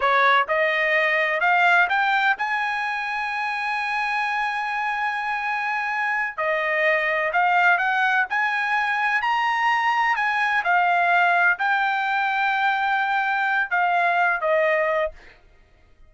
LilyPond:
\new Staff \with { instrumentName = "trumpet" } { \time 4/4 \tempo 4 = 127 cis''4 dis''2 f''4 | g''4 gis''2.~ | gis''1~ | gis''4. dis''2 f''8~ |
f''8 fis''4 gis''2 ais''8~ | ais''4. gis''4 f''4.~ | f''8 g''2.~ g''8~ | g''4 f''4. dis''4. | }